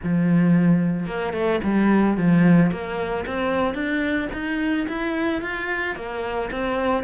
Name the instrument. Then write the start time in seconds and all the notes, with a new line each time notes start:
cello
0.03 F3
1.06 A#3
1.33 A3
1.63 G3
2.17 F3
2.71 A#3
3.26 C4
3.74 D4
4.32 D#4
4.88 E4
5.41 F4
5.95 A#3
6.51 C4